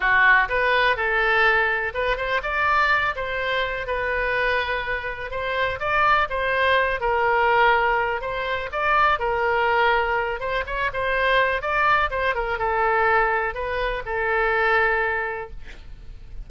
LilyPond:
\new Staff \with { instrumentName = "oboe" } { \time 4/4 \tempo 4 = 124 fis'4 b'4 a'2 | b'8 c''8 d''4. c''4. | b'2. c''4 | d''4 c''4. ais'4.~ |
ais'4 c''4 d''4 ais'4~ | ais'4. c''8 cis''8 c''4. | d''4 c''8 ais'8 a'2 | b'4 a'2. | }